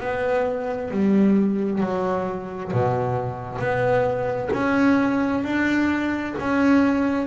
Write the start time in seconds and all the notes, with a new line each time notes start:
0.00 B3
0.90 G3
1.81 F#3
2.72 B2
3.59 B3
4.53 C#4
5.44 D4
6.39 C#4